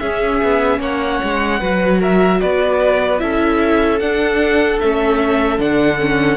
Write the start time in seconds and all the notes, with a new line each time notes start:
0.00 C#4 G#4 E5
0.43 B3
0.79 A#3 C#5 F#5
1.23 G#3
1.60 F#3 F#4 B4
1.99 A#4 E5
2.41 B3 B4 D5
3.19 C#4 E4 A4 E5
4.00 D4 F#5
4.80 A3 C#4 E5
5.58 D3 D4 F#5
6.00 C#4